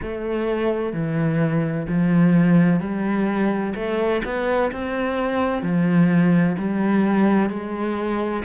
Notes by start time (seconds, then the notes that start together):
0.02 A3
0.92 E3
1.87 F3
2.80 G3
3.75 A3
4.24 B3
4.71 C4
5.62 F3
6.58 G3
7.49 G#3